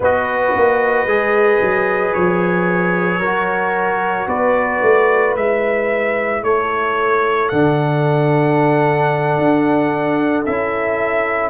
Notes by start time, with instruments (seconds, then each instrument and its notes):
0.00 tuba B3, trombone F#4, horn B4, trumpet D#5
0.56 tuba A#3
1.06 tuba G#3, trombone G#4
1.60 tuba F#3
2.13 tuba F3, trumpet C#5
3.19 tuba F#3, trombone F#4, horn A#4
4.27 tuba B3, horn B4, trumpet D5
4.81 tuba A3
5.35 tuba G#3, trombone E4, trumpet E5
6.42 tuba A3, horn A4, trumpet C#5
7.48 tuba D3, trombone D4, trumpet F#5
9.38 tuba D4
10.45 tuba C#4, trombone E4, trumpet E5